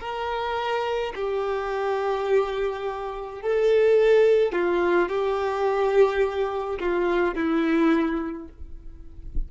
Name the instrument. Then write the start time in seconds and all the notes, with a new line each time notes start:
violin
0.00 A#4
1.15 G4
3.42 A4
4.53 F4
5.09 G4
6.80 F4
7.35 E4